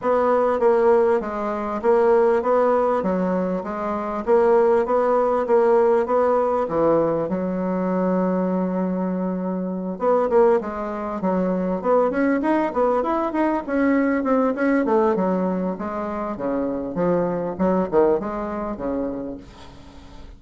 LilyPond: \new Staff \with { instrumentName = "bassoon" } { \time 4/4 \tempo 4 = 99 b4 ais4 gis4 ais4 | b4 fis4 gis4 ais4 | b4 ais4 b4 e4 | fis1~ |
fis8 b8 ais8 gis4 fis4 b8 | cis'8 dis'8 b8 e'8 dis'8 cis'4 c'8 | cis'8 a8 fis4 gis4 cis4 | f4 fis8 dis8 gis4 cis4 | }